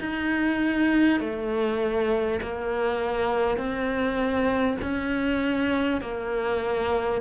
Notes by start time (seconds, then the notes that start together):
0.00 D#4
1.20 A3
2.42 A#3
3.57 C4
4.82 C#4
6.01 A#3